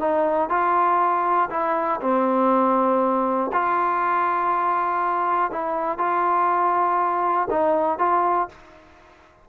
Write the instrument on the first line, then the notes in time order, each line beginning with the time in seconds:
trombone
0.00 D#4
0.50 F4
1.51 E4
2.01 C4
3.53 F4
5.52 E4
5.98 F4
7.50 D#4
7.99 F4